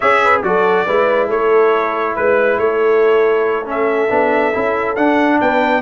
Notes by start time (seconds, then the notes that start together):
0.00 C#4 G#4 C#5 E5
0.23 B4
0.42 F#3 F#4 A4 D5
0.86 G#3 E4 B4
1.27 A3 A4 C#5
2.15 G#3 B4
2.58 A3 A4 C#5
3.65 C#4 E5
4.09 B3 D4
4.52 C#4 E4
4.96 D4 F#5
5.40 B3 B4 G5